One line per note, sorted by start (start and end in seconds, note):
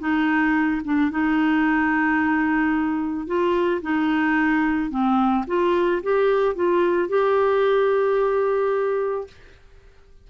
0.00 0.82 D#4
0.85 1.11 D4
1.11 3.27 D#4
3.27 3.82 F4
3.83 4.91 D#4
4.91 5.45 C4
5.48 6.02 F4
6.03 6.56 G4
6.56 7.09 F4
7.09 9.28 G4